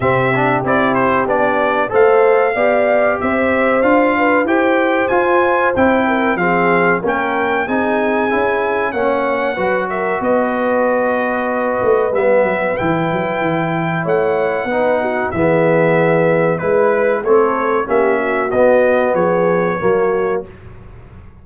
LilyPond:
<<
  \new Staff \with { instrumentName = "trumpet" } { \time 4/4 \tempo 4 = 94 e''4 d''8 c''8 d''4 f''4~ | f''4 e''4 f''4 g''4 | gis''4 g''4 f''4 g''4 | gis''2 fis''4. e''8 |
dis''2. e''4 | g''2 fis''2 | e''2 b'4 cis''4 | e''4 dis''4 cis''2 | }
  \new Staff \with { instrumentName = "horn" } { \time 4/4 g'2. c''4 | d''4 c''4. b'8 c''4~ | c''4. ais'8 gis'4 ais'4 | gis'2 cis''4 b'8 ais'8 |
b'1~ | b'2 cis''4 b'8 fis'8 | gis'2 b'4 a'4 | g'8 fis'4. gis'4 fis'4 | }
  \new Staff \with { instrumentName = "trombone" } { \time 4/4 c'8 d'8 e'4 d'4 a'4 | g'2 f'4 g'4 | f'4 e'4 c'4 cis'4 | dis'4 e'4 cis'4 fis'4~ |
fis'2. b4 | e'2. dis'4 | b2 e'4 c'4 | cis'4 b2 ais4 | }
  \new Staff \with { instrumentName = "tuba" } { \time 4/4 c4 c'4 b4 a4 | b4 c'4 d'4 e'4 | f'4 c'4 f4 ais4 | c'4 cis'4 ais4 fis4 |
b2~ b8 a8 g8 fis8 | e8 fis8 e4 a4 b4 | e2 gis4 a4 | ais4 b4 f4 fis4 | }
>>